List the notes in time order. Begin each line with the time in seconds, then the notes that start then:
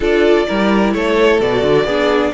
0.00 D4 F4 A4 D5
0.47 G3 E4 A#4
0.93 A3 A4 C#5
1.40 B2 F#4 D5
1.62 D3
1.84 B3 D4 G#4